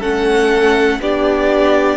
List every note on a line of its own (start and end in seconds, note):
0.00 1.00 A3
0.00 0.99 C#4
0.00 0.98 A4
0.00 1.00 F#5
1.00 1.97 B3
1.00 1.97 D4
1.00 1.97 G4
1.00 1.97 D5